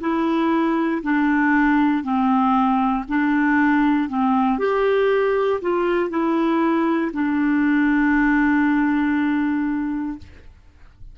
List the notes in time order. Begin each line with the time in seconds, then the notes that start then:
0.00 E4
1.02 D4
2.03 C4
3.08 D4
4.09 C4
4.58 G4
5.61 F4
6.10 E4
7.13 D4